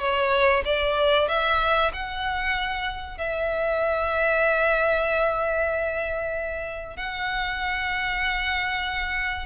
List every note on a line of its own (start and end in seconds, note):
0.00 0.63 C#5
0.65 1.28 D5
1.28 1.91 E5
1.93 3.18 F#5
3.18 6.96 E5
6.96 9.46 F#5